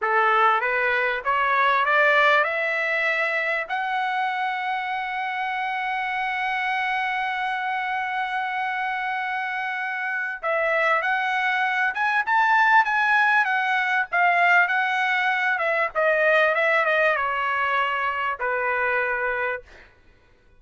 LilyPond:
\new Staff \with { instrumentName = "trumpet" } { \time 4/4 \tempo 4 = 98 a'4 b'4 cis''4 d''4 | e''2 fis''2~ | fis''1~ | fis''1~ |
fis''4 e''4 fis''4. gis''8 | a''4 gis''4 fis''4 f''4 | fis''4. e''8 dis''4 e''8 dis''8 | cis''2 b'2 | }